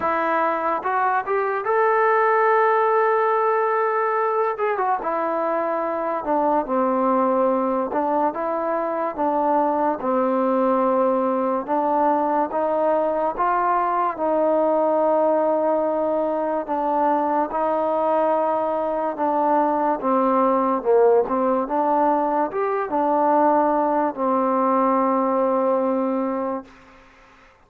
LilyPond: \new Staff \with { instrumentName = "trombone" } { \time 4/4 \tempo 4 = 72 e'4 fis'8 g'8 a'2~ | a'4. gis'16 fis'16 e'4. d'8 | c'4. d'8 e'4 d'4 | c'2 d'4 dis'4 |
f'4 dis'2. | d'4 dis'2 d'4 | c'4 ais8 c'8 d'4 g'8 d'8~ | d'4 c'2. | }